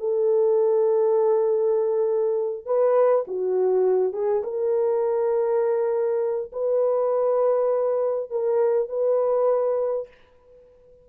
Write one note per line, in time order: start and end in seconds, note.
0.00 2.66 A4
2.66 3.25 B4
3.28 4.13 F#4
4.13 4.43 G#4
4.44 6.52 A#4
6.53 8.31 B4
8.31 8.89 A#4
8.89 10.08 B4